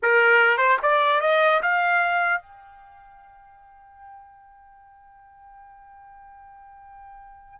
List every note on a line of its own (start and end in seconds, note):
0.02 0.57 A#4
0.57 0.77 C5
0.82 1.21 D5
1.21 1.61 D#5
1.62 2.41 F5
2.41 7.59 G5